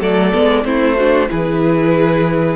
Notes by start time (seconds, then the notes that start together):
0.00 F#3 A3 A4 D5
0.33 G#3 B3
0.63 A3 C4 E4 C5
0.97 D4 F#4
1.28 E3 E4 G#4 B4